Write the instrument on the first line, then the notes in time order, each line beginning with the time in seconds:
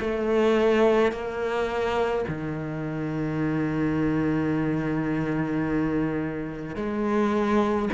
cello
0.00 A3
1.12 A#3
2.28 D#3
6.76 G#3